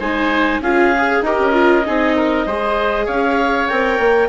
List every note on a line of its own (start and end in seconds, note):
0.00 0.60 G#3
0.00 0.62 D#4
0.00 0.61 C5
0.00 0.61 G#5
0.60 1.21 C#4
0.60 0.95 F4
0.60 1.24 G#4
0.60 1.24 F5
0.98 1.27 G#4
1.22 1.37 D#4
1.22 1.53 G4
1.22 1.87 A#4
1.22 3.07 D#5
1.40 1.85 C#4
1.53 1.84 F4
1.86 2.46 C4
1.86 2.47 D#4
1.86 2.16 G#4
2.16 2.46 A#4
2.46 3.08 G#3
2.46 3.69 G#4
2.46 3.06 C5
3.06 3.69 C#4
3.06 4.29 C#5
3.06 3.68 F5
3.68 3.99 C4
3.68 4.30 A#4
3.68 4.29 G5
3.99 4.30 A#3